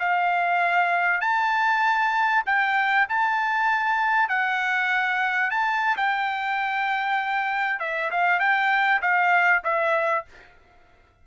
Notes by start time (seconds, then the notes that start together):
0.00 F5
1.21 A5
2.46 G5
3.09 A5
4.29 F#5
5.51 A5
5.97 G5
7.80 E5
8.12 F5
8.40 G5
9.02 F5
9.65 E5